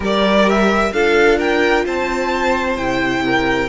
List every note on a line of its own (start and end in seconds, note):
0.00 0.92 G3
0.00 0.92 G4
0.00 0.92 A#4
0.00 0.48 D5
0.48 0.92 E5
0.92 1.84 D4
0.92 2.77 F4
0.92 1.38 A4
0.92 1.39 F5
1.38 1.84 A#4
1.38 1.85 G5
1.84 2.77 C4
1.84 3.23 C5
1.84 2.76 A5
2.76 3.69 C3
2.76 3.69 E4
2.76 3.69 G5
3.25 3.69 A#4